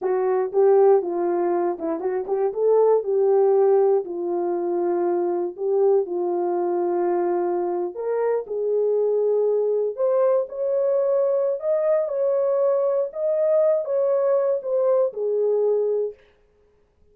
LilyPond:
\new Staff \with { instrumentName = "horn" } { \time 4/4 \tempo 4 = 119 fis'4 g'4 f'4. e'8 | fis'8 g'8 a'4 g'2 | f'2. g'4 | f'2.~ f'8. ais'16~ |
ais'8. gis'2. c''16~ | c''8. cis''2~ cis''16 dis''4 | cis''2 dis''4. cis''8~ | cis''4 c''4 gis'2 | }